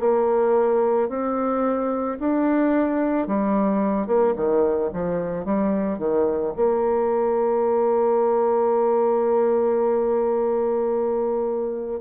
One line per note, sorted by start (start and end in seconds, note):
0.00 1.09 A#3
1.09 2.18 C4
2.20 3.27 D4
3.27 4.07 G3
4.07 4.34 A#3
4.36 4.91 D#3
4.93 5.45 F3
5.45 5.99 G3
5.99 6.54 D#3
6.57 12.01 A#3